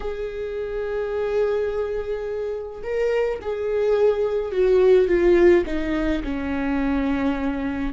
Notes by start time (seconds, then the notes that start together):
0.00 G#4
2.83 A#4
3.41 G#4
4.51 F#4
5.08 F4
5.66 D#4
6.23 C#4